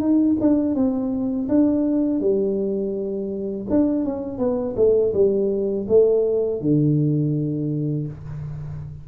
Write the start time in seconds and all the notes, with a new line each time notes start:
0.00 D#4
0.41 D4
0.75 C4
1.49 D4
2.21 G3
3.70 D4
4.05 C#4
4.39 B3
4.76 A3
5.14 G3
5.89 A3
6.61 D3